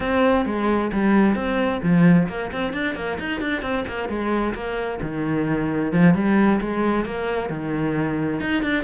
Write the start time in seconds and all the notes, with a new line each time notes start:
0.00 C4
0.45 G#3
0.92 G3
1.35 C4
1.82 F3
2.28 A#3
2.51 C4
2.73 D4
2.95 A#3
3.19 D#4
3.40 D4
3.62 C4
3.87 A#3
4.08 G#3
4.54 A#3
5.01 D#3
5.92 F3
6.14 G3
6.61 G#3
7.05 A#3
7.49 D#3
8.40 D#4
8.62 D4